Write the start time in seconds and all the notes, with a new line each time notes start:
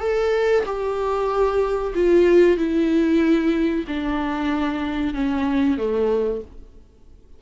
0.00 A4
0.66 G4
1.95 F4
2.57 E4
3.88 D4
5.14 C#4
5.77 A3